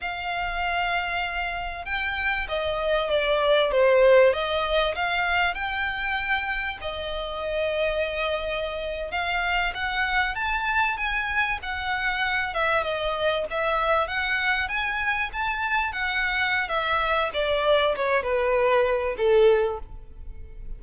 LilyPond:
\new Staff \with { instrumentName = "violin" } { \time 4/4 \tempo 4 = 97 f''2. g''4 | dis''4 d''4 c''4 dis''4 | f''4 g''2 dis''4~ | dis''2~ dis''8. f''4 fis''16~ |
fis''8. a''4 gis''4 fis''4~ fis''16~ | fis''16 e''8 dis''4 e''4 fis''4 gis''16~ | gis''8. a''4 fis''4~ fis''16 e''4 | d''4 cis''8 b'4. a'4 | }